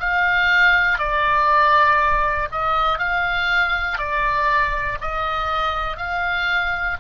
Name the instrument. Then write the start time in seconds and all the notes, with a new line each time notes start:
oboe
0.00 F5
0.99 D5
2.51 D#5
2.99 F5
3.98 D5
5.01 D#5
5.97 F5